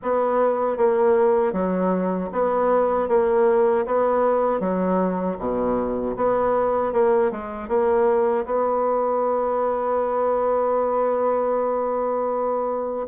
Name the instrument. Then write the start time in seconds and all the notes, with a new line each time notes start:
bassoon
0.02 B3
0.77 A#3
1.52 F#3
2.32 B3
3.08 A#3
3.85 B3
4.59 F#3
5.38 B2
6.16 B3
6.92 A#3
7.31 G#3
7.68 A#3
8.45 B3